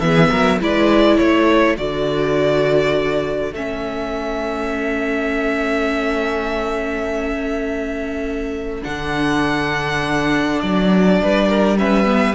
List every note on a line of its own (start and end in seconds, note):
0.00 0.30 E3
0.00 0.60 B3
0.00 0.29 G#4
0.00 0.59 E5
0.29 0.61 F#3
0.29 0.59 A#4
0.60 1.19 G#3
0.60 1.76 E4
0.60 1.17 B4
0.60 1.18 D5
1.17 1.78 A3
1.17 11.17 A4
1.17 1.77 C#5
1.76 3.53 D3
1.76 3.53 F#4
1.76 3.54 D5
3.53 8.82 A3
3.53 8.83 C#4
3.53 8.84 E5
8.83 10.62 D3
8.83 11.77 D4
8.83 10.60 F#5
10.60 11.21 F#3
10.60 11.78 D5
11.22 12.35 G3
11.22 11.49 B4
11.49 11.78 A#4
11.78 12.05 C#4
11.78 12.35 B4
11.78 12.35 E5
12.05 12.34 B3